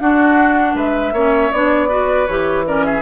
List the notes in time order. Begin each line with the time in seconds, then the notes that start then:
0.00 D4 F#4 F#5
0.75 G#3 B4 E5
1.13 A#3 C#4 C#5
1.52 B3 D4 D5
1.89 F#4 B4
2.27 E3 G4 C#5
2.66 C#4 A#4 D5
2.85 G#4 E5